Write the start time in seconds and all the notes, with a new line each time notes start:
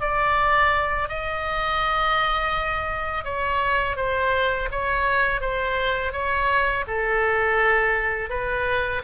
0.00 D5
1.08 D#5
3.24 C#5
3.96 C5
4.71 C#5
5.41 C5
6.12 C#5
6.87 A4
8.29 B4